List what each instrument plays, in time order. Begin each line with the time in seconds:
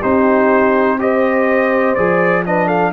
0.00 tuba C4, trombone D#4, horn G4, trumpet C5
0.99 trombone G4, horn C5, trumpet D#5
1.95 tuba F3, trombone G#4, trumpet D5
2.46 trombone D4, horn B4, trumpet D#5
2.67 horn A4, trumpet F5